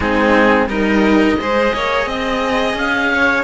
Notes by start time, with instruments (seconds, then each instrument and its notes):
0.00 cello G#3 C4, violin D#4, oboe G#4
0.67 cello G3 D#4, violin A#4, oboe D#5
1.38 cello G#3 G#4, violin C5
1.73 cello A#3, violin C#5
2.06 cello C4, violin D#5
2.73 cello C#4, oboe F5
3.13 violin C#5